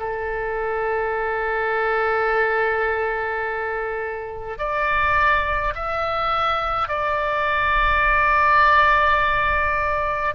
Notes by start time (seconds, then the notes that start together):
0.00 A4
4.59 D5
5.75 E5
6.89 D5